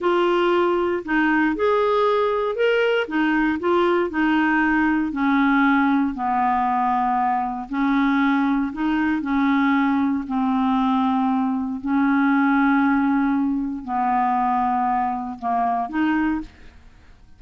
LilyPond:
\new Staff \with { instrumentName = "clarinet" } { \time 4/4 \tempo 4 = 117 f'2 dis'4 gis'4~ | gis'4 ais'4 dis'4 f'4 | dis'2 cis'2 | b2. cis'4~ |
cis'4 dis'4 cis'2 | c'2. cis'4~ | cis'2. b4~ | b2 ais4 dis'4 | }